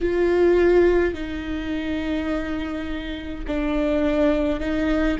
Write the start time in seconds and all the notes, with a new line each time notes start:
0.00 F4
1.14 D#4
3.47 D4
4.59 D#4